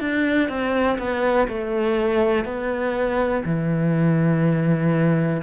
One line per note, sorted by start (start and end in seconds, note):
0.00 0.49 D4
0.49 0.98 C4
0.98 1.48 B3
1.48 2.45 A3
2.45 3.43 B3
3.45 5.42 E3